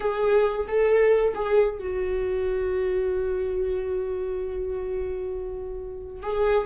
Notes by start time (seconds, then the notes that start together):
0.00 G#4
0.67 A4
1.34 G#4
1.79 F#4
6.22 G#4